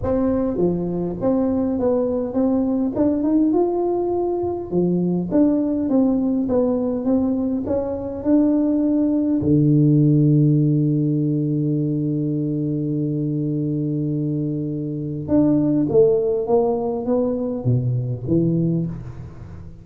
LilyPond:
\new Staff \with { instrumentName = "tuba" } { \time 4/4 \tempo 4 = 102 c'4 f4 c'4 b4 | c'4 d'8 dis'8 f'2 | f4 d'4 c'4 b4 | c'4 cis'4 d'2 |
d1~ | d1~ | d2 d'4 a4 | ais4 b4 b,4 e4 | }